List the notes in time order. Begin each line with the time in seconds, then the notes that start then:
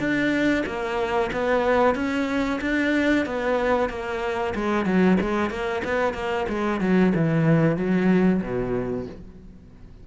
0.00 D4
0.67 A#3
1.33 B3
1.96 C#4
2.62 D4
3.26 B3
3.90 A#3
4.55 G#3
4.86 F#3
5.21 G#3
5.51 A#3
5.85 B3
6.14 A#3
6.49 G#3
6.81 F#3
7.16 E3
7.77 F#3
8.42 B2